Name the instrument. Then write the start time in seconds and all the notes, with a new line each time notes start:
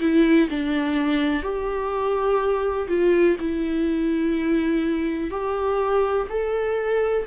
viola
0.00 E4
0.50 D4
1.43 G4
2.89 F4
3.40 E4
5.30 G4
6.29 A4